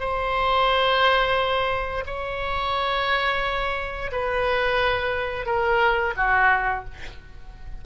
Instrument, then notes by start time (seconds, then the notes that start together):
oboe
0.00 C5
2.07 C#5
4.12 B4
5.46 A#4
6.17 F#4